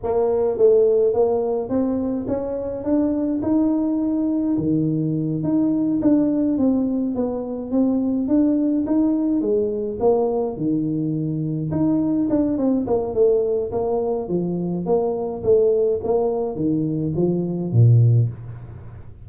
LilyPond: \new Staff \with { instrumentName = "tuba" } { \time 4/4 \tempo 4 = 105 ais4 a4 ais4 c'4 | cis'4 d'4 dis'2 | dis4. dis'4 d'4 c'8~ | c'8 b4 c'4 d'4 dis'8~ |
dis'8 gis4 ais4 dis4.~ | dis8 dis'4 d'8 c'8 ais8 a4 | ais4 f4 ais4 a4 | ais4 dis4 f4 ais,4 | }